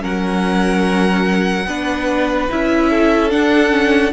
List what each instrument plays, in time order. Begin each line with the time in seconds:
0.00 cello F#3, viola C#4, violin A#4 F#5
1.66 cello B3, viola D4, violin B4
2.50 cello C#4, viola E4, violin E5
2.90 violin A4
3.30 viola D4, cello D4, violin F#5
3.70 viola C#4